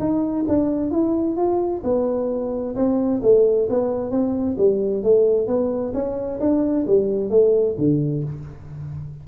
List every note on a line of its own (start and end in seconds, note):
0.00 0.46 D#4
0.48 0.91 D4
0.91 1.37 E4
1.37 1.83 F4
1.84 2.76 B3
2.76 3.22 C4
3.23 3.69 A3
3.70 4.11 B3
4.11 4.57 C4
4.58 5.04 G3
5.04 5.47 A3
5.47 5.93 B3
5.94 6.40 C#4
6.40 6.86 D4
6.87 7.30 G3
7.30 7.76 A3
7.78 8.24 D3